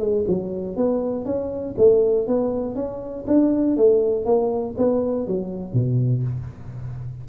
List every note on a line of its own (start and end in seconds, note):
0.00 0.25 G#3
0.28 0.77 F#3
0.77 1.26 B3
1.26 1.76 C#4
1.78 2.28 A3
2.28 2.76 B3
2.76 3.26 C#4
3.28 3.77 D4
3.77 4.25 A3
4.25 4.75 A#3
4.78 5.27 B3
5.27 5.74 F#3
5.74 6.24 B2